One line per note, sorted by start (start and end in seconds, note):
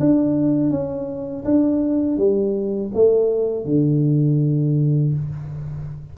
0.00 0.71 D4
0.71 1.45 C#4
1.45 2.18 D4
2.18 2.92 G3
2.94 3.66 A3
3.66 5.14 D3